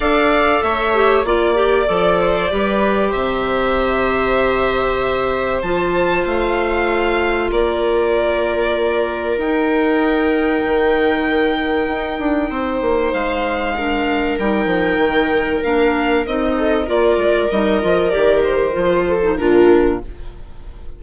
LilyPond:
<<
  \new Staff \with { instrumentName = "violin" } { \time 4/4 \tempo 4 = 96 f''4 e''4 d''2~ | d''4 e''2.~ | e''4 a''4 f''2 | d''2. g''4~ |
g''1~ | g''4 f''2 g''4~ | g''4 f''4 dis''4 d''4 | dis''4 d''8 c''4. ais'4 | }
  \new Staff \with { instrumentName = "viola" } { \time 4/4 d''4 cis''4 d''4. c''8 | b'4 c''2.~ | c''1 | ais'1~ |
ais'1 | c''2 ais'2~ | ais'2~ ais'8 a'8 ais'4~ | ais'2~ ais'8 a'8 f'4 | }
  \new Staff \with { instrumentName = "clarinet" } { \time 4/4 a'4. g'8 f'8 g'8 a'4 | g'1~ | g'4 f'2.~ | f'2. dis'4~ |
dis'1~ | dis'2 d'4 dis'4~ | dis'4 d'4 dis'4 f'4 | dis'8 f'8 g'4 f'8. dis'16 d'4 | }
  \new Staff \with { instrumentName = "bassoon" } { \time 4/4 d'4 a4 ais4 f4 | g4 c2.~ | c4 f4 a2 | ais2. dis'4~ |
dis'4 dis2 dis'8 d'8 | c'8 ais8 gis2 g8 f8 | dis4 ais4 c'4 ais8 gis8 | g8 f8 dis4 f4 ais,4 | }
>>